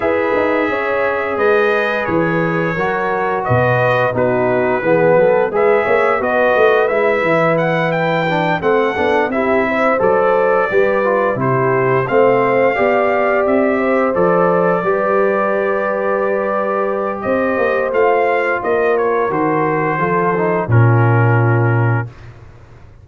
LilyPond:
<<
  \new Staff \with { instrumentName = "trumpet" } { \time 4/4 \tempo 4 = 87 e''2 dis''4 cis''4~ | cis''4 dis''4 b'2 | e''4 dis''4 e''4 fis''8 g''8~ | g''8 fis''4 e''4 d''4.~ |
d''8 c''4 f''2 e''8~ | e''8 d''2.~ d''8~ | d''4 dis''4 f''4 dis''8 cis''8 | c''2 ais'2 | }
  \new Staff \with { instrumentName = "horn" } { \time 4/4 b'4 cis''4 b'2 | ais'4 b'4 fis'4 gis'8 a'8 | b'8 cis''8 b'2.~ | b'8 a'4 g'8 c''4. b'8~ |
b'8 g'4 c''4 d''4. | c''4. b'2~ b'8~ | b'4 c''2 ais'4~ | ais'4 a'4 f'2 | }
  \new Staff \with { instrumentName = "trombone" } { \time 4/4 gis'1 | fis'2 dis'4 b4 | gis'4 fis'4 e'2 | d'8 c'8 d'8 e'4 a'4 g'8 |
f'8 e'4 c'4 g'4.~ | g'8 a'4 g'2~ g'8~ | g'2 f'2 | fis'4 f'8 dis'8 cis'2 | }
  \new Staff \with { instrumentName = "tuba" } { \time 4/4 e'8 dis'8 cis'4 gis4 e4 | fis4 b,4 b4 e8 fis8 | gis8 ais8 b8 a8 gis8 e4.~ | e8 a8 b8 c'4 fis4 g8~ |
g8 c4 a4 b4 c'8~ | c'8 f4 g2~ g8~ | g4 c'8 ais8 a4 ais4 | dis4 f4 ais,2 | }
>>